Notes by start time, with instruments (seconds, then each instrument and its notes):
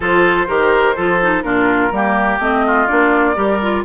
0.00 bassoon F3, clarinet F4, oboe A4, flute C5
0.47 bassoon D#3, clarinet G4, oboe A#4
0.95 bassoon F3, clarinet F4, oboe A4
1.22 clarinet D#4
1.42 bassoon A#2, clarinet D4, oboe F4, flute A#4
1.91 bassoon G3, clarinet A#3, oboe G4
2.39 bassoon A3, clarinet C4, flute D#5
2.66 oboe F4
2.87 bassoon A#3, clarinet D4, flute D5
3.35 bassoon G3, clarinet G4, oboe A#4
3.61 clarinet F4